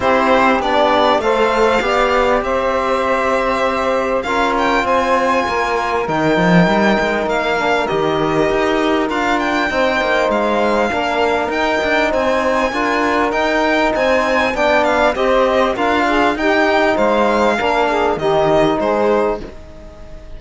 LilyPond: <<
  \new Staff \with { instrumentName = "violin" } { \time 4/4 \tempo 4 = 99 c''4 d''4 f''2 | e''2. f''8 g''8 | gis''2 g''2 | f''4 dis''2 f''8 g''8~ |
g''4 f''2 g''4 | gis''2 g''4 gis''4 | g''8 f''8 dis''4 f''4 g''4 | f''2 dis''4 c''4 | }
  \new Staff \with { instrumentName = "saxophone" } { \time 4/4 g'2 c''4 d''4 | c''2. ais'4 | c''4 ais'2.~ | ais'1 |
c''2 ais'2 | c''4 ais'2 c''4 | d''4 c''4 ais'8 gis'8 g'4 | c''4 ais'8 gis'8 g'4 gis'4 | }
  \new Staff \with { instrumentName = "trombone" } { \time 4/4 e'4 d'4 a'4 g'4~ | g'2. f'4~ | f'2 dis'2~ | dis'8 d'8 g'2 f'4 |
dis'2 d'4 dis'4~ | dis'4 f'4 dis'2 | d'4 g'4 f'4 dis'4~ | dis'4 d'4 dis'2 | }
  \new Staff \with { instrumentName = "cello" } { \time 4/4 c'4 b4 a4 b4 | c'2. cis'4 | c'4 ais4 dis8 f8 g8 gis8 | ais4 dis4 dis'4 d'4 |
c'8 ais8 gis4 ais4 dis'8 d'8 | c'4 d'4 dis'4 c'4 | b4 c'4 d'4 dis'4 | gis4 ais4 dis4 gis4 | }
>>